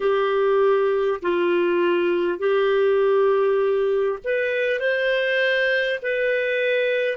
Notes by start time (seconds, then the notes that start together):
0.00 G4
1.22 F4
2.38 G4
4.23 B4
4.79 C5
6.02 B4